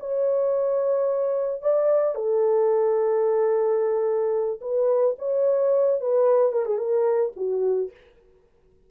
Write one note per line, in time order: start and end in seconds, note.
0.00 1.62 C#5
1.62 2.15 D5
2.15 4.60 A4
4.61 5.16 B4
5.19 6.01 C#5
6.01 6.53 B4
6.53 6.66 A#4
6.66 6.78 G#4
6.78 7.32 A#4
7.36 7.91 F#4